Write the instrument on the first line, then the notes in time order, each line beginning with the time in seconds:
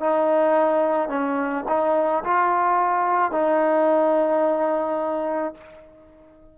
trombone
0.00 D#4
1.09 C#4
1.68 D#4
2.24 F4
3.32 D#4